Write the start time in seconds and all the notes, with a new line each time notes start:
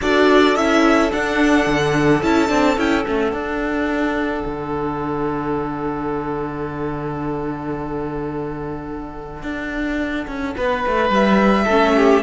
0.00 D4 F#4 A4 D5
0.55 C#4 E4 E5
1.11 D4 F#5
1.66 D3
2.22 C#4 E4 A5
2.47 C4 D4
2.77 C#4 E4 G5
3.04 A3 C#4 F#5
3.32 D4
4.45 D3
9.43 D4
10.27 C#4
10.56 B3 B4
10.86 A3
11.09 G3 E5
11.64 A3 C#4 A4
11.96 G4